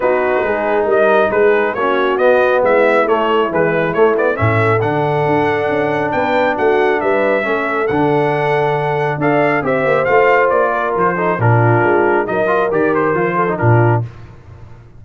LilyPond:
<<
  \new Staff \with { instrumentName = "trumpet" } { \time 4/4 \tempo 4 = 137 b'2 dis''4 b'4 | cis''4 dis''4 e''4 cis''4 | b'4 cis''8 d''8 e''4 fis''4~ | fis''2 g''4 fis''4 |
e''2 fis''2~ | fis''4 f''4 e''4 f''4 | d''4 c''4 ais'2 | dis''4 d''8 c''4. ais'4 | }
  \new Staff \with { instrumentName = "horn" } { \time 4/4 fis'4 gis'4 ais'4 gis'4 | fis'2 e'2~ | e'2 a'2~ | a'2 b'4 fis'4 |
b'4 a'2.~ | a'4 d''4 c''2~ | c''8 ais'4 a'8 f'2 | ais'2~ ais'8 a'8 f'4 | }
  \new Staff \with { instrumentName = "trombone" } { \time 4/4 dis'1 | cis'4 b2 a4 | e4 a8 b8 cis'4 d'4~ | d'1~ |
d'4 cis'4 d'2~ | d'4 a'4 g'4 f'4~ | f'4. dis'8 d'2 | dis'8 f'8 g'4 f'8. dis'16 d'4 | }
  \new Staff \with { instrumentName = "tuba" } { \time 4/4 b4 gis4 g4 gis4 | ais4 b4 gis4 a4 | gis4 a4 a,4 d4 | d'4 cis'4 b4 a4 |
g4 a4 d2~ | d4 d'4 c'8 ais8 a4 | ais4 f4 ais,4 gis4 | fis4 dis4 f4 ais,4 | }
>>